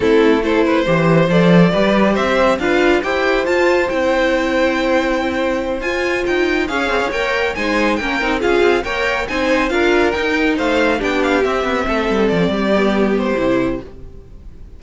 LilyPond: <<
  \new Staff \with { instrumentName = "violin" } { \time 4/4 \tempo 4 = 139 a'4 c''2 d''4~ | d''4 e''4 f''4 g''4 | a''4 g''2.~ | g''4. gis''4 g''4 f''8~ |
f''8 g''4 gis''4 g''4 f''8~ | f''8 g''4 gis''4 f''4 g''8~ | g''8 f''4 g''8 f''8 e''4.~ | e''8 d''2 c''4. | }
  \new Staff \with { instrumentName = "violin" } { \time 4/4 e'4 a'8 b'8 c''2 | b'4 c''4 b'4 c''4~ | c''1~ | c''2.~ c''8 cis''8~ |
cis''4. c''4 ais'4 gis'8~ | gis'8 cis''4 c''4 ais'4.~ | ais'8 c''4 g'2 a'8~ | a'4 g'2. | }
  \new Staff \with { instrumentName = "viola" } { \time 4/4 c'4 e'4 g'4 a'4 | g'2 f'4 g'4 | f'4 e'2.~ | e'4. f'2 gis'8~ |
gis'8 ais'4 dis'4 cis'8 dis'8 f'8~ | f'8 ais'4 dis'4 f'4 dis'8~ | dis'4. d'4 c'4.~ | c'4. b4. e'4 | }
  \new Staff \with { instrumentName = "cello" } { \time 4/4 a2 e4 f4 | g4 c'4 d'4 e'4 | f'4 c'2.~ | c'4. f'4 dis'4 cis'8 |
c'16 cis'16 ais4 gis4 ais8 c'8 cis'8 | c'8 ais4 c'4 d'4 dis'8~ | dis'8 a4 b4 c'8 b8 a8 | g8 f8 g2 c4 | }
>>